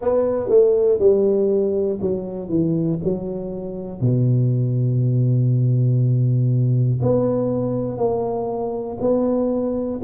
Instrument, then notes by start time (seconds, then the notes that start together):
tuba
0.01 B3
0.49 A3
0.99 G3
2.01 F#3
2.49 E3
3.03 F#3
4.00 B2
7.02 B3
7.97 A#3
9.00 B3